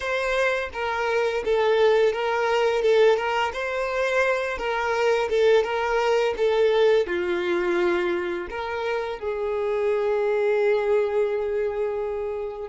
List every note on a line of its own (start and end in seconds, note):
0.00 0.69 C5
0.73 1.43 A#4
1.44 2.12 A4
2.12 2.82 A#4
2.82 3.16 A4
3.16 3.52 A#4
3.53 4.58 C5
4.58 5.28 A#4
5.29 5.63 A4
5.63 6.34 A#4
6.37 7.07 A4
7.07 8.48 F4
8.49 9.19 A#4
9.19 12.68 G#4